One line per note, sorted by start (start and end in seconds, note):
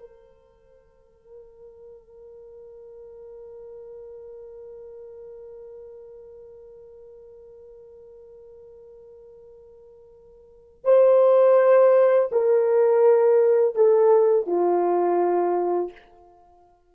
0.00 10.84 A#4
10.85 12.29 C5
12.32 13.75 A#4
13.75 14.47 A4
14.47 15.92 F4